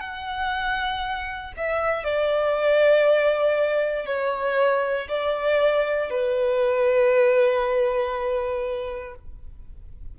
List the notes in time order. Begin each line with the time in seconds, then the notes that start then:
0.00 F#5
1.57 E5
2.04 D5
4.06 C#5
5.08 D5
6.10 B4